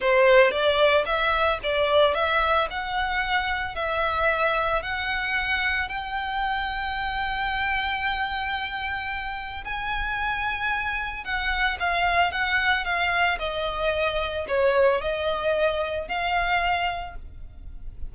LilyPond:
\new Staff \with { instrumentName = "violin" } { \time 4/4 \tempo 4 = 112 c''4 d''4 e''4 d''4 | e''4 fis''2 e''4~ | e''4 fis''2 g''4~ | g''1~ |
g''2 gis''2~ | gis''4 fis''4 f''4 fis''4 | f''4 dis''2 cis''4 | dis''2 f''2 | }